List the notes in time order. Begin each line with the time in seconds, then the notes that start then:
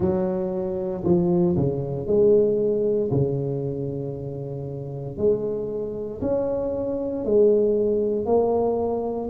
0.00 F#3
1.03 F3
1.56 C#3
2.06 G#3
3.11 C#3
5.17 G#3
6.21 C#4
7.25 G#3
8.25 A#3